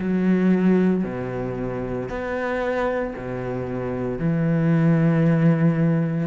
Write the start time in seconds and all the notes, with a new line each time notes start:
0.00 F#3
1.04 B2
2.09 B3
3.16 B2
4.19 E3